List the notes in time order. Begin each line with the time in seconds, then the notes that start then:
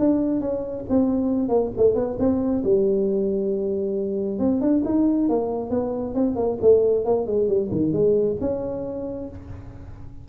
0.00 D4
0.41 C#4
0.90 C4
1.49 A#3
1.77 A3
1.95 B3
2.19 C4
2.64 G3
4.40 C4
4.61 D4
4.86 D#4
5.29 A#3
5.71 B3
6.15 C4
6.36 A#3
6.62 A3
7.05 A#3
7.27 G#3
7.49 G3
7.72 D#3
7.93 G#3
8.41 C#4